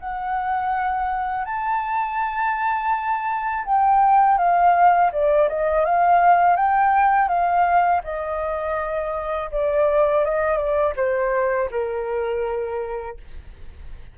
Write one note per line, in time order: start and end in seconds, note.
0.00 1.45 F#5
1.45 3.65 A5
3.66 4.38 G5
4.38 5.11 F5
5.12 5.49 D5
5.49 5.85 D#5
5.85 6.57 F5
6.57 7.28 G5
7.28 8.02 F5
8.04 9.50 D#5
9.52 10.25 D5
10.25 10.57 D#5
10.57 10.94 D5
10.96 11.69 C5
11.71 13.17 A#4